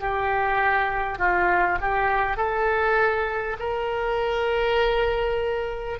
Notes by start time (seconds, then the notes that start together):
0.00 G4
1.18 F4
1.81 G4
2.37 A4
3.59 A#4